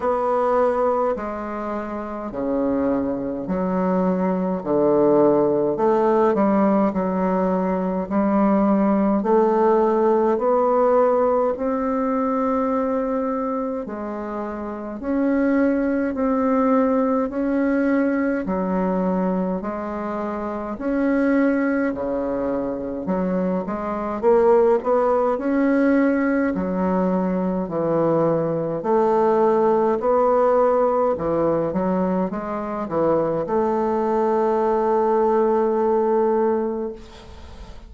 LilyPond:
\new Staff \with { instrumentName = "bassoon" } { \time 4/4 \tempo 4 = 52 b4 gis4 cis4 fis4 | d4 a8 g8 fis4 g4 | a4 b4 c'2 | gis4 cis'4 c'4 cis'4 |
fis4 gis4 cis'4 cis4 | fis8 gis8 ais8 b8 cis'4 fis4 | e4 a4 b4 e8 fis8 | gis8 e8 a2. | }